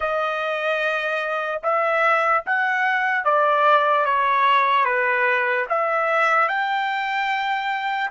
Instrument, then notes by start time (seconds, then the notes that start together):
trumpet
0.00 D#5
1.62 E5
2.45 F#5
3.24 D5
4.05 C#5
4.84 B4
5.69 E5
6.48 G5